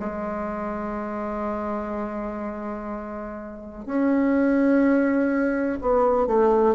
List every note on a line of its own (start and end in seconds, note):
0.00 3.86 G#3
3.86 5.79 C#4
5.82 6.27 B3
6.27 6.76 A3